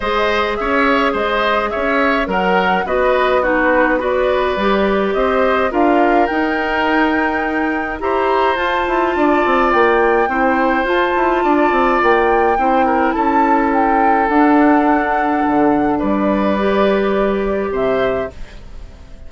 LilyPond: <<
  \new Staff \with { instrumentName = "flute" } { \time 4/4 \tempo 4 = 105 dis''4 e''4 dis''4 e''4 | fis''4 dis''4 b'4 d''4~ | d''4 dis''4 f''4 g''4~ | g''2 ais''4 a''4~ |
a''4 g''2 a''4~ | a''4 g''2 a''4 | g''4 fis''2. | d''2. e''4 | }
  \new Staff \with { instrumentName = "oboe" } { \time 4/4 c''4 cis''4 c''4 cis''4 | ais'4 b'4 fis'4 b'4~ | b'4 c''4 ais'2~ | ais'2 c''2 |
d''2 c''2 | d''2 c''8 ais'8 a'4~ | a'1 | b'2. c''4 | }
  \new Staff \with { instrumentName = "clarinet" } { \time 4/4 gis'1 | ais'4 fis'4 dis'4 fis'4 | g'2 f'4 dis'4~ | dis'2 g'4 f'4~ |
f'2 e'4 f'4~ | f'2 e'2~ | e'4 d'2.~ | d'4 g'2. | }
  \new Staff \with { instrumentName = "bassoon" } { \time 4/4 gis4 cis'4 gis4 cis'4 | fis4 b2. | g4 c'4 d'4 dis'4~ | dis'2 e'4 f'8 e'8 |
d'8 c'8 ais4 c'4 f'8 e'8 | d'8 c'8 ais4 c'4 cis'4~ | cis'4 d'2 d4 | g2. c4 | }
>>